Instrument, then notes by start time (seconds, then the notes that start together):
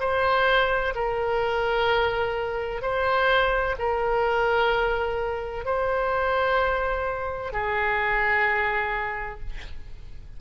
oboe
0.00 C5
0.95 A#4
2.82 C5
3.79 A#4
5.65 C5
7.53 G#4